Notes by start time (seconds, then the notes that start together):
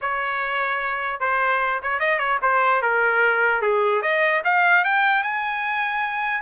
0.01 C#5
1.20 C5
1.82 C#5
1.99 D#5
2.19 C#5
2.42 C5
2.82 A#4
3.61 G#4
4.01 D#5
4.44 F5
4.84 G5
5.23 G#5